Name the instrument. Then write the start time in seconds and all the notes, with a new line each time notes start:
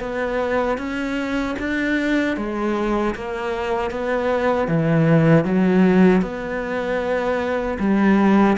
cello
0.00 B3
0.78 C#4
1.59 D4
2.37 G#3
3.15 A#3
3.91 B3
4.68 E3
5.44 F#3
6.22 B3
7.79 G3